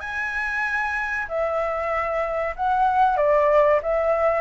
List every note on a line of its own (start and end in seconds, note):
0.00 1.26 G#5
1.29 2.55 E5
2.56 3.17 F#5
3.17 3.80 D5
3.82 4.41 E5